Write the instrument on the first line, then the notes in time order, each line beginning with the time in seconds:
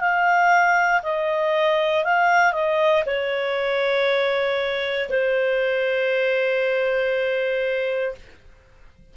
clarinet
0.00 F5
1.03 D#5
2.04 F5
2.52 D#5
3.06 C#5
5.09 C5